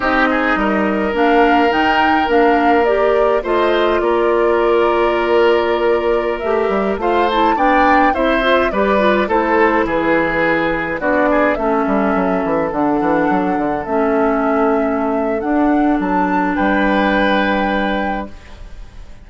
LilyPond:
<<
  \new Staff \with { instrumentName = "flute" } { \time 4/4 \tempo 4 = 105 dis''2 f''4 g''4 | f''4 d''4 dis''4 d''4~ | d''2.~ d''16 e''8.~ | e''16 f''8 a''8 g''4 e''4 d''8.~ |
d''16 c''4 b'2 d''8.~ | d''16 e''2 fis''4.~ fis''16~ | fis''16 e''2~ e''8. fis''4 | a''4 g''2. | }
  \new Staff \with { instrumentName = "oboe" } { \time 4/4 g'8 gis'8 ais'2.~ | ais'2 c''4 ais'4~ | ais'1~ | ais'16 c''4 d''4 c''4 b'8.~ |
b'16 a'4 gis'2 fis'8 gis'16~ | gis'16 a'2.~ a'8.~ | a'1~ | a'4 b'2. | }
  \new Staff \with { instrumentName = "clarinet" } { \time 4/4 dis'2 d'4 dis'4 | d'4 g'4 f'2~ | f'2.~ f'16 g'8.~ | g'16 f'8 e'8 d'4 e'8 f'8 g'8 f'16~ |
f'16 e'2. d'8.~ | d'16 cis'2 d'4.~ d'16~ | d'16 cis'2~ cis'8. d'4~ | d'1 | }
  \new Staff \with { instrumentName = "bassoon" } { \time 4/4 c'4 g4 ais4 dis4 | ais2 a4 ais4~ | ais2.~ ais16 a8 g16~ | g16 a4 b4 c'4 g8.~ |
g16 a4 e2 b8.~ | b16 a8 g8 fis8 e8 d8 e8 fis8 d16~ | d16 a2~ a8. d'4 | fis4 g2. | }
>>